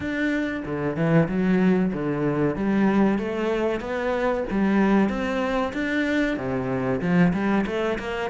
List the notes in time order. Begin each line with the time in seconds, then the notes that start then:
0.00 D4
0.65 D3
0.96 E3
1.28 F#3
1.93 D3
2.56 G3
3.18 A3
3.80 B3
4.51 G3
5.09 C4
5.73 D4
6.37 C3
7.01 F3
7.33 G3
7.66 A3
7.98 A#3